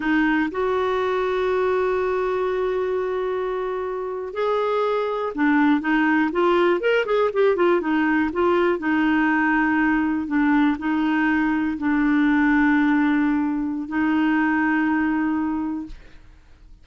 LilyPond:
\new Staff \with { instrumentName = "clarinet" } { \time 4/4 \tempo 4 = 121 dis'4 fis'2.~ | fis'1~ | fis'8. gis'2 d'4 dis'16~ | dis'8. f'4 ais'8 gis'8 g'8 f'8 dis'16~ |
dis'8. f'4 dis'2~ dis'16~ | dis'8. d'4 dis'2 d'16~ | d'1 | dis'1 | }